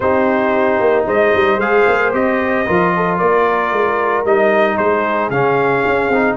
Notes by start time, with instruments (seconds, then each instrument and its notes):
0.00 tuba C4, trombone D#4, horn G4, trumpet C5
0.80 tuba A#3
1.06 tuba G#3, horn C5, trumpet D#5
1.34 tuba G3
1.57 tuba G#3, trombone G#4, trumpet F5
1.87 tuba A#3
2.13 tuba C4, trombone G4, trumpet D#5
2.66 tuba F3, trombone F4, horn A#4
2.95 horn A4
3.17 tuba A#3, horn A#4, trumpet D5
3.72 tuba G#3
4.24 tuba G3, trombone D#4, trumpet D#5
4.77 tuba G#3, horn G#4, trumpet C5
5.29 tuba C#3, trombone C#4, trumpet F5
5.85 tuba C#4
6.08 tuba C4, trombone D#4